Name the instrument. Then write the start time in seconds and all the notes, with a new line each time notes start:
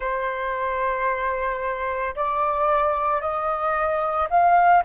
flute
0.00 C5
2.15 D5
3.21 D#5
4.30 F5